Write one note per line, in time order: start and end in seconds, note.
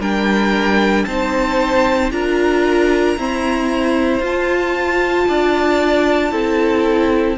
0.00 1.05 G3
0.00 1.07 D4
0.00 1.05 A#4
0.00 1.05 G5
1.05 2.11 C4
1.05 2.12 D#4
1.05 2.12 C5
1.05 2.10 A5
2.11 3.16 D4
2.11 3.17 F4
2.11 3.18 A#4
2.11 4.22 A#5
3.17 4.21 C4
3.17 4.20 E4
3.17 5.28 C5
4.20 5.25 F4
4.20 6.30 F4
4.20 7.38 A5
5.28 6.31 D4
5.28 6.31 D5
6.30 7.37 C4
6.30 7.36 E4
6.30 7.37 A4